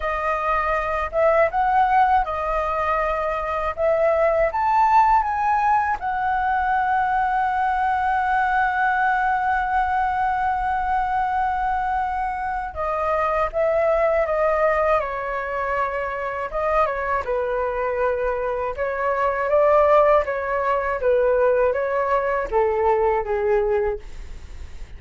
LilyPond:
\new Staff \with { instrumentName = "flute" } { \time 4/4 \tempo 4 = 80 dis''4. e''8 fis''4 dis''4~ | dis''4 e''4 a''4 gis''4 | fis''1~ | fis''1~ |
fis''4 dis''4 e''4 dis''4 | cis''2 dis''8 cis''8 b'4~ | b'4 cis''4 d''4 cis''4 | b'4 cis''4 a'4 gis'4 | }